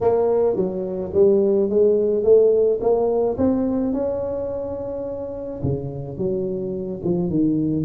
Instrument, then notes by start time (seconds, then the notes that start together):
tuba
0.00 A#3
0.56 F#3
1.13 G3
1.69 G#3
2.23 A3
2.80 A#3
3.37 C4
3.93 C#4
5.62 C#3
6.17 F#3
7.03 F3
7.29 D#3